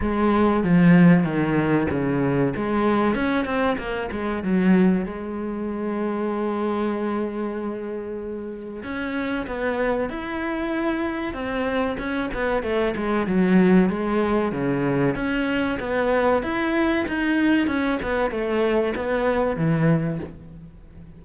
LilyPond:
\new Staff \with { instrumentName = "cello" } { \time 4/4 \tempo 4 = 95 gis4 f4 dis4 cis4 | gis4 cis'8 c'8 ais8 gis8 fis4 | gis1~ | gis2 cis'4 b4 |
e'2 c'4 cis'8 b8 | a8 gis8 fis4 gis4 cis4 | cis'4 b4 e'4 dis'4 | cis'8 b8 a4 b4 e4 | }